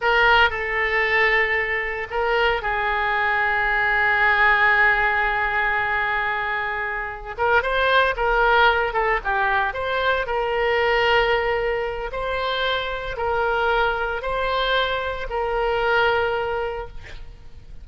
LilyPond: \new Staff \with { instrumentName = "oboe" } { \time 4/4 \tempo 4 = 114 ais'4 a'2. | ais'4 gis'2.~ | gis'1~ | gis'2 ais'8 c''4 ais'8~ |
ais'4 a'8 g'4 c''4 ais'8~ | ais'2. c''4~ | c''4 ais'2 c''4~ | c''4 ais'2. | }